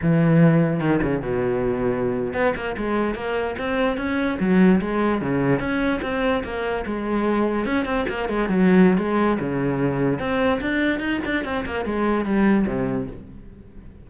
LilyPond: \new Staff \with { instrumentName = "cello" } { \time 4/4 \tempo 4 = 147 e2 dis8 cis8 b,4~ | b,4.~ b,16 b8 ais8 gis4 ais16~ | ais8. c'4 cis'4 fis4 gis16~ | gis8. cis4 cis'4 c'4 ais16~ |
ais8. gis2 cis'8 c'8 ais16~ | ais16 gis8 fis4~ fis16 gis4 cis4~ | cis4 c'4 d'4 dis'8 d'8 | c'8 ais8 gis4 g4 c4 | }